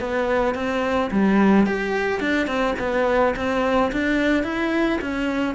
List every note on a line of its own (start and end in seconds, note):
0.00 0.54 B3
0.54 1.10 C4
1.11 1.66 G3
1.66 2.20 G4
2.20 2.46 D4
2.46 2.74 C4
2.79 3.34 B3
3.36 3.91 C4
3.92 4.43 D4
4.43 4.99 E4
5.01 5.54 C#4